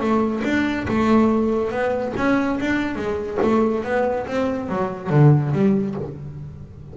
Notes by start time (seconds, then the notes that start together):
0.00 A3
0.44 D4
0.88 A3
1.71 B3
2.17 C#4
2.60 D4
2.96 G#3
3.42 A3
3.84 B3
4.27 C4
4.69 F#3
5.10 D3
5.52 G3